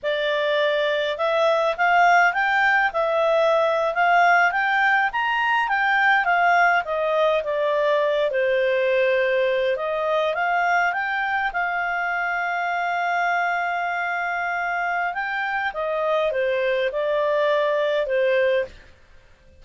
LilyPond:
\new Staff \with { instrumentName = "clarinet" } { \time 4/4 \tempo 4 = 103 d''2 e''4 f''4 | g''4 e''4.~ e''16 f''4 g''16~ | g''8. ais''4 g''4 f''4 dis''16~ | dis''8. d''4. c''4.~ c''16~ |
c''8. dis''4 f''4 g''4 f''16~ | f''1~ | f''2 g''4 dis''4 | c''4 d''2 c''4 | }